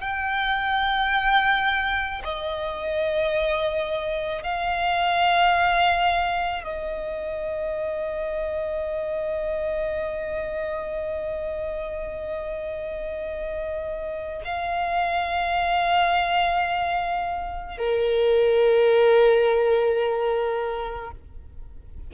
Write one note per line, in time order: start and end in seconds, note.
0.00 2.22 G5
2.25 4.43 D#5
4.43 6.64 F5
6.64 14.42 D#5
14.45 17.78 F5
17.78 21.11 A#4